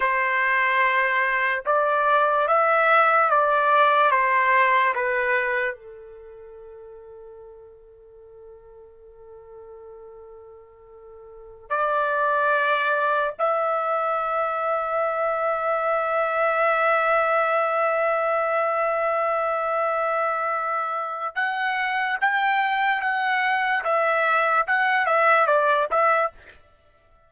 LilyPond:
\new Staff \with { instrumentName = "trumpet" } { \time 4/4 \tempo 4 = 73 c''2 d''4 e''4 | d''4 c''4 b'4 a'4~ | a'1~ | a'2~ a'16 d''4.~ d''16~ |
d''16 e''2.~ e''8.~ | e''1~ | e''2 fis''4 g''4 | fis''4 e''4 fis''8 e''8 d''8 e''8 | }